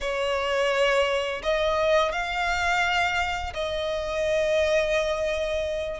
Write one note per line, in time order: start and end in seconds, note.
0.00 1.41 C#5
1.42 2.11 D#5
2.11 3.53 F5
3.53 6.00 D#5